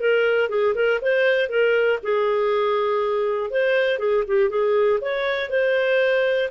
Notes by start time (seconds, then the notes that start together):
0.00 A#4
0.49 G#4
0.75 A#4
1.01 C5
1.49 A#4
2.03 G#4
3.50 C5
3.98 G#4
4.27 G4
4.50 G#4
5.00 C#5
5.50 C5